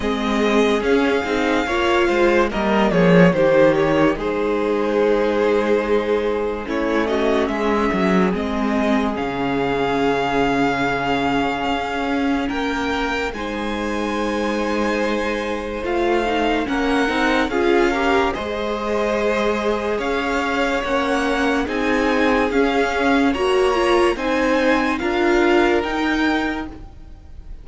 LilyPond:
<<
  \new Staff \with { instrumentName = "violin" } { \time 4/4 \tempo 4 = 72 dis''4 f''2 dis''8 cis''8 | c''8 cis''8 c''2. | cis''8 dis''8 e''4 dis''4 f''4~ | f''2. g''4 |
gis''2. f''4 | fis''4 f''4 dis''2 | f''4 fis''4 gis''4 f''4 | ais''4 gis''4 f''4 g''4 | }
  \new Staff \with { instrumentName = "violin" } { \time 4/4 gis'2 cis''8 c''8 ais'8 gis'8 | g'4 gis'2. | e'8 fis'8 gis'2.~ | gis'2. ais'4 |
c''1 | ais'4 gis'8 ais'8 c''2 | cis''2 gis'2 | cis''4 c''4 ais'2 | }
  \new Staff \with { instrumentName = "viola" } { \time 4/4 c'4 cis'8 dis'8 f'4 ais4 | dis'1 | cis'2 c'4 cis'4~ | cis'1 |
dis'2. f'8 dis'8 | cis'8 dis'8 f'8 g'8 gis'2~ | gis'4 cis'4 dis'4 cis'4 | fis'8 f'8 dis'4 f'4 dis'4 | }
  \new Staff \with { instrumentName = "cello" } { \time 4/4 gis4 cis'8 c'8 ais8 gis8 g8 f8 | dis4 gis2. | a4 gis8 fis8 gis4 cis4~ | cis2 cis'4 ais4 |
gis2. a4 | ais8 c'8 cis'4 gis2 | cis'4 ais4 c'4 cis'4 | ais4 c'4 d'4 dis'4 | }
>>